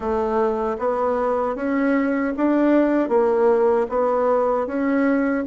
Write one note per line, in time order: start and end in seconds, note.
0.00 0.77 A3
0.78 1.55 B3
1.55 2.33 C#4
2.36 3.08 D4
3.08 3.86 A#3
3.89 4.66 B3
4.66 5.44 C#4